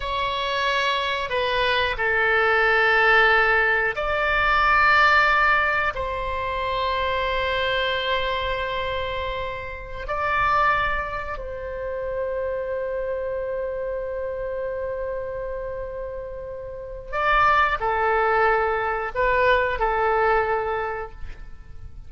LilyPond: \new Staff \with { instrumentName = "oboe" } { \time 4/4 \tempo 4 = 91 cis''2 b'4 a'4~ | a'2 d''2~ | d''4 c''2.~ | c''2.~ c''16 d''8.~ |
d''4~ d''16 c''2~ c''8.~ | c''1~ | c''2 d''4 a'4~ | a'4 b'4 a'2 | }